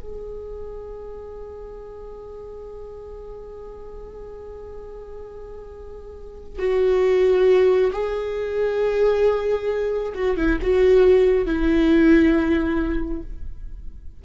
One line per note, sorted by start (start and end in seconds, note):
0.00 6.59 G#4
6.59 7.91 F#4
7.93 10.13 G#4
10.15 10.37 F#4
10.37 10.59 E4
10.61 11.46 F#4
11.46 13.22 E4